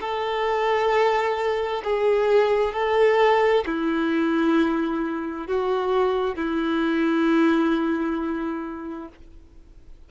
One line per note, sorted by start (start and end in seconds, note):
0.00 1.82 A4
1.84 2.73 G#4
2.73 3.64 A4
3.66 5.47 E4
5.47 6.35 F#4
6.35 9.08 E4